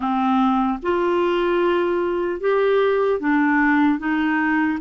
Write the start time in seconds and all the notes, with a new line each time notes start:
0.00 C4
0.82 F4
2.40 G4
3.20 D4
3.99 D#4